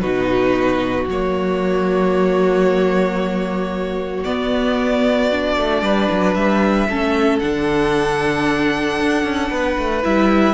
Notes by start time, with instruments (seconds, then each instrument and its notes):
0.00 cello B2, viola D#4, violin F#4 B4
1.08 cello F#3, viola A#3, violin C#5
4.23 viola B3, cello B3, violin D5
5.31 viola D4
5.57 cello A3
5.81 cello G3, violin B4
6.11 cello F#3
6.34 cello G3, violin E5
6.88 cello A3, viola C#4, violin A4
7.39 cello D3, viola D4, violin F#5
9.00 cello D4
9.23 cello C#4
9.50 cello B3, violin B4
9.78 cello A3
10.03 cello G3, viola E4, violin E5